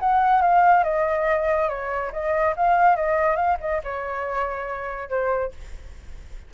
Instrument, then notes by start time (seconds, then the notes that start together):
flute
0.00 F#5
0.42 F5
0.84 D#5
1.69 C#5
2.13 D#5
2.57 F5
2.96 D#5
3.36 F5
3.61 D#5
3.84 C#5
5.09 C5